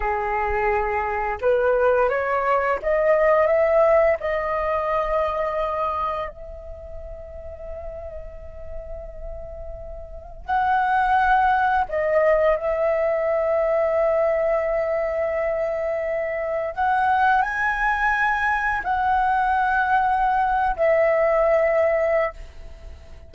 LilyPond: \new Staff \with { instrumentName = "flute" } { \time 4/4 \tempo 4 = 86 gis'2 b'4 cis''4 | dis''4 e''4 dis''2~ | dis''4 e''2.~ | e''2. fis''4~ |
fis''4 dis''4 e''2~ | e''1 | fis''4 gis''2 fis''4~ | fis''4.~ fis''16 e''2~ e''16 | }